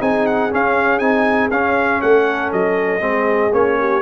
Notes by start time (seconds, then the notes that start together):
0.00 C4 D#4 G#4 G#5
0.27 F#5
0.51 C#4 F5
0.99 C4 D#4 G#5
1.51 C#4 F5
2.02 A3 A4 F#5
2.53 F#3 D#5
3.01 G#3 C4 G#4
3.53 A#3 C#4 C#5
3.80 G4